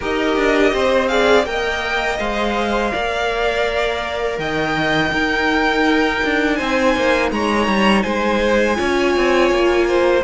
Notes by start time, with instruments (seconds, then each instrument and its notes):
0.00 cello D#4, viola G4, violin A#4 D#5
0.36 cello D4
0.72 cello C4, violin C5
1.08 viola G#4, violin D5 F5
1.45 cello A#3, viola A#4, violin D#5 G5
2.19 cello G#3, viola C5, violin F5
2.92 cello A#3, viola A#4, violin D5
4.38 cello D#3, violin D#5 G5
5.12 cello D#4, viola D#4, violin A#4
6.24 cello D4
6.55 cello C4, violin C5 G#5
6.96 cello A#3
7.31 cello G#3, violin C#5 A#5
7.67 cello G3
8.02 cello G#3, violin C5 G#5
8.75 cello C#4, viola F4, violin C#5
9.16 cello C4
9.50 cello A#3
9.87 violin C5